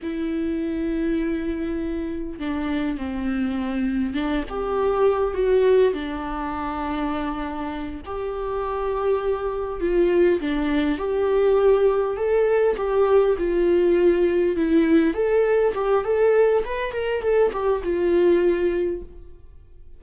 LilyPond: \new Staff \with { instrumentName = "viola" } { \time 4/4 \tempo 4 = 101 e'1 | d'4 c'2 d'8 g'8~ | g'4 fis'4 d'2~ | d'4. g'2~ g'8~ |
g'8 f'4 d'4 g'4.~ | g'8 a'4 g'4 f'4.~ | f'8 e'4 a'4 g'8 a'4 | b'8 ais'8 a'8 g'8 f'2 | }